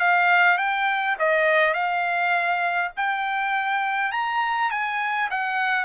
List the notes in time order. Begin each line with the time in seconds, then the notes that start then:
0.00 F5
0.58 G5
1.19 D#5
1.74 F5
2.97 G5
4.12 A#5
4.71 G#5
5.31 F#5